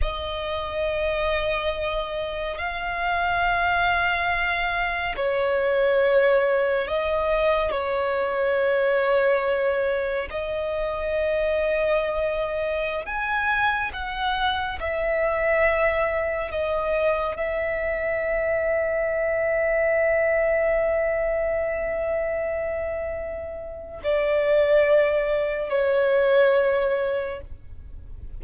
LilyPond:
\new Staff \with { instrumentName = "violin" } { \time 4/4 \tempo 4 = 70 dis''2. f''4~ | f''2 cis''2 | dis''4 cis''2. | dis''2.~ dis''16 gis''8.~ |
gis''16 fis''4 e''2 dis''8.~ | dis''16 e''2.~ e''8.~ | e''1 | d''2 cis''2 | }